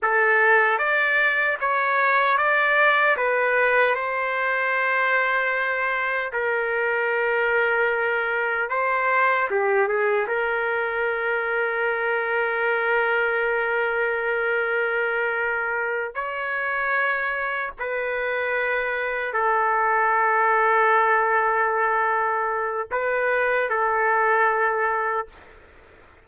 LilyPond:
\new Staff \with { instrumentName = "trumpet" } { \time 4/4 \tempo 4 = 76 a'4 d''4 cis''4 d''4 | b'4 c''2. | ais'2. c''4 | g'8 gis'8 ais'2.~ |
ais'1~ | ais'8 cis''2 b'4.~ | b'8 a'2.~ a'8~ | a'4 b'4 a'2 | }